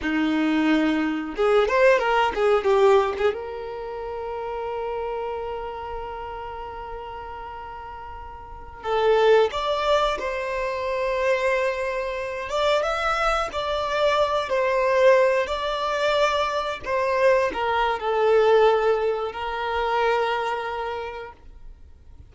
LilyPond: \new Staff \with { instrumentName = "violin" } { \time 4/4 \tempo 4 = 90 dis'2 gis'8 c''8 ais'8 gis'8 | g'8. gis'16 ais'2.~ | ais'1~ | ais'4~ ais'16 a'4 d''4 c''8.~ |
c''2~ c''8. d''8 e''8.~ | e''16 d''4. c''4. d''8.~ | d''4~ d''16 c''4 ais'8. a'4~ | a'4 ais'2. | }